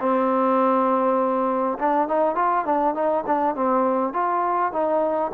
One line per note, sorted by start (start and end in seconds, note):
0.00 1.78 C4
1.79 2.08 D4
2.08 2.35 D#4
2.35 2.65 F4
2.65 2.94 D4
2.94 3.24 D#4
3.26 3.55 D4
3.55 4.13 C4
4.13 4.73 F4
4.73 5.32 D#4